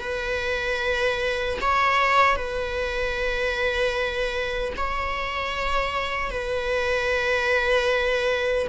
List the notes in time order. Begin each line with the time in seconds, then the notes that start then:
0.00 B4
1.61 C#5
2.35 B4
4.76 C#5
6.30 B4